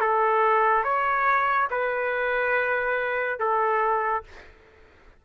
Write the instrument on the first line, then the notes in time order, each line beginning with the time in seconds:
trumpet
0.00 A4
0.83 C#5
1.70 B4
3.39 A4